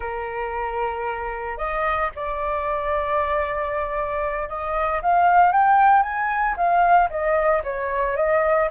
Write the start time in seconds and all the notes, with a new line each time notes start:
0.00 A#4
1.57 D#5
2.15 D5
4.48 D#5
5.01 F5
5.52 G5
6.02 G#5
6.56 F5
7.09 D#5
7.63 C#5
8.16 D#5